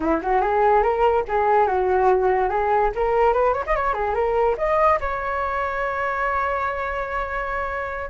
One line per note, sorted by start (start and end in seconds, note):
0.00 0.21 E4
0.21 0.41 F#4
0.41 0.82 G#4
0.82 1.24 A#4
1.27 1.67 G#4
1.67 2.49 F#4
2.49 2.91 G#4
2.95 3.33 A#4
3.33 3.53 B4
3.53 3.64 C#5
3.66 3.75 D#5
3.75 3.93 C#5
3.93 4.14 G#4
4.14 4.55 A#4
4.57 4.99 D#5
5.00 8.10 C#5